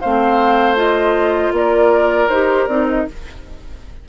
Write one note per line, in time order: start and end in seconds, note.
0.00 1.51 A3
0.00 0.76 C4
0.00 1.52 C5
0.00 0.76 F5
0.76 2.28 F4
0.76 1.53 D#5
1.51 2.27 A#3
1.51 3.08 A#4
1.51 2.29 D5
2.28 2.66 D#4
2.28 2.69 G4
2.28 2.67 C5
2.67 3.05 C4
2.67 3.07 D#4
2.67 2.86 D5
2.89 3.08 D#5